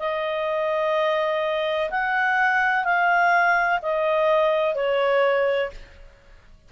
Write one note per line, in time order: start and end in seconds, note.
0.00 1.90 D#5
1.91 2.85 F#5
2.85 3.80 F5
3.83 4.75 D#5
4.75 5.71 C#5